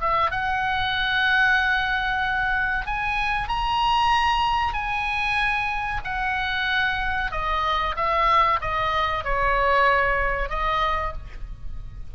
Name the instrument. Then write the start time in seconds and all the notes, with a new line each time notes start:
oboe
0.00 E5
0.31 F#5
2.86 G#5
3.48 A#5
4.73 G#5
6.04 F#5
7.31 D#5
7.96 E5
8.61 D#5
9.24 C#5
10.49 D#5